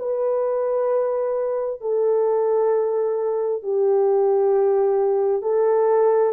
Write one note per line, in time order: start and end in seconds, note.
0.00 1.81 B4
1.81 3.63 A4
3.63 5.43 G4
5.43 6.33 A4